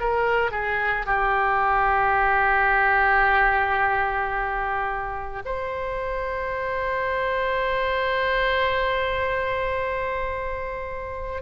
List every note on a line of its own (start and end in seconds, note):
0.00 0.51 A#4
0.51 1.06 G#4
1.06 5.42 G4
5.45 11.42 C5